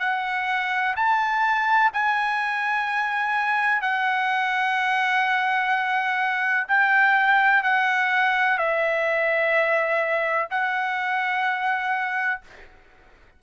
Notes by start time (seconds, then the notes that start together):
0.00 F#5
0.96 A5
1.94 G#5
3.82 F#5
6.68 G5
7.63 F#5
8.58 E5
10.51 F#5